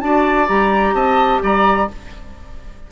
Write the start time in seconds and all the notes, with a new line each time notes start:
0.00 D4 F#4 D5 A5
0.47 G3 G4 A#5
0.93 C4 D#5 A5
1.42 G3 D5 A#5